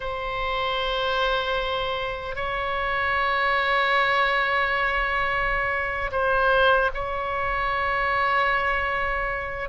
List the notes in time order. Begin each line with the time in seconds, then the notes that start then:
0.00 C5
2.35 C#5
6.11 C5
6.94 C#5